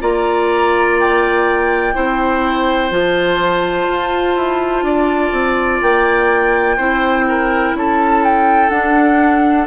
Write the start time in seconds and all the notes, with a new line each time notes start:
0.00 A#3 F4 D5 A#5
0.99 G5
1.93 C4 E4 C5
2.90 F3 F4 A5
3.87 F4
4.35 E4
4.82 D4 D5
5.32 C4
5.81 A#3 G5
6.77 C4 E4 C5
7.28 A#4
7.74 C#4 A4 A5
8.24 G5
8.69 D4 F#5